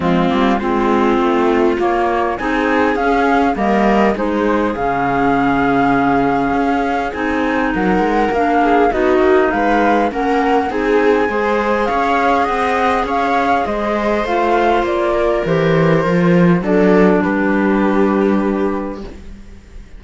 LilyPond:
<<
  \new Staff \with { instrumentName = "flute" } { \time 4/4 \tempo 4 = 101 f'4 c''2 cis''4 | gis''4 f''4 dis''4 c''4 | f''1 | gis''4 fis''4 f''4 dis''4 |
f''4 fis''4 gis''2 | f''4 fis''4 f''4 dis''4 | f''4 d''4 c''2 | d''4 b'2. | }
  \new Staff \with { instrumentName = "viola" } { \time 4/4 c'4 f'2. | gis'2 ais'4 gis'4~ | gis'1~ | gis'4 ais'4. gis'8 fis'4 |
b'4 ais'4 gis'4 c''4 | cis''4 dis''4 cis''4 c''4~ | c''4. ais'2~ ais'8 | a'4 g'2. | }
  \new Staff \with { instrumentName = "clarinet" } { \time 4/4 gis8 ais8 c'2 ais4 | dis'4 cis'4 ais4 dis'4 | cis'1 | dis'2 d'4 dis'4~ |
dis'4 cis'4 dis'4 gis'4~ | gis'1 | f'2 g'4 f'4 | d'1 | }
  \new Staff \with { instrumentName = "cello" } { \time 4/4 f8 g8 gis4 a4 ais4 | c'4 cis'4 g4 gis4 | cis2. cis'4 | c'4 fis8 gis8 ais4 b8 ais8 |
gis4 ais4 c'4 gis4 | cis'4 c'4 cis'4 gis4 | a4 ais4 e4 f4 | fis4 g2. | }
>>